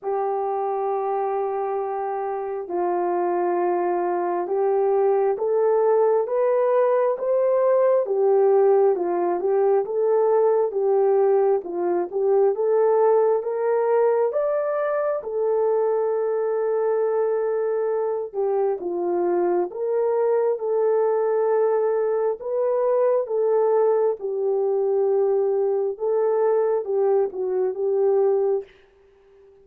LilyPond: \new Staff \with { instrumentName = "horn" } { \time 4/4 \tempo 4 = 67 g'2. f'4~ | f'4 g'4 a'4 b'4 | c''4 g'4 f'8 g'8 a'4 | g'4 f'8 g'8 a'4 ais'4 |
d''4 a'2.~ | a'8 g'8 f'4 ais'4 a'4~ | a'4 b'4 a'4 g'4~ | g'4 a'4 g'8 fis'8 g'4 | }